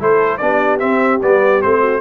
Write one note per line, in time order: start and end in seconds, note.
0.00 0.41 A3
0.00 0.40 E4
0.00 0.42 A4
0.00 0.38 C5
0.38 0.82 B3
0.38 0.80 D4
0.38 1.80 G4
0.38 0.78 D5
0.80 1.20 C4
0.80 1.22 C4
0.80 1.20 E5
1.22 1.64 G3
1.22 1.62 B3
1.22 1.62 D5
1.62 2.01 A3
1.62 2.01 C4
1.62 2.01 C5
1.80 2.00 F#4